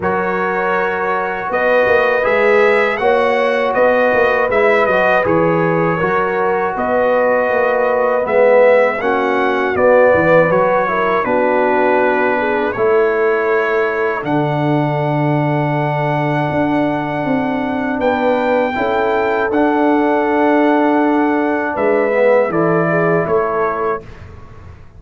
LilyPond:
<<
  \new Staff \with { instrumentName = "trumpet" } { \time 4/4 \tempo 4 = 80 cis''2 dis''4 e''4 | fis''4 dis''4 e''8 dis''8 cis''4~ | cis''4 dis''2 e''4 | fis''4 d''4 cis''4 b'4~ |
b'4 cis''2 fis''4~ | fis''1 | g''2 fis''2~ | fis''4 e''4 d''4 cis''4 | }
  \new Staff \with { instrumentName = "horn" } { \time 4/4 ais'2 b'2 | cis''4 b'2. | ais'4 b'2. | fis'4. b'4 ais'8 fis'4~ |
fis'8 gis'8 a'2.~ | a'1 | b'4 a'2.~ | a'4 b'4 a'8 gis'8 a'4 | }
  \new Staff \with { instrumentName = "trombone" } { \time 4/4 fis'2. gis'4 | fis'2 e'8 fis'8 gis'4 | fis'2. b4 | cis'4 b4 fis'8 e'8 d'4~ |
d'4 e'2 d'4~ | d'1~ | d'4 e'4 d'2~ | d'4. b8 e'2 | }
  \new Staff \with { instrumentName = "tuba" } { \time 4/4 fis2 b8 ais8 gis4 | ais4 b8 ais8 gis8 fis8 e4 | fis4 b4 ais4 gis4 | ais4 b8 e8 fis4 b4~ |
b4 a2 d4~ | d2 d'4 c'4 | b4 cis'4 d'2~ | d'4 gis4 e4 a4 | }
>>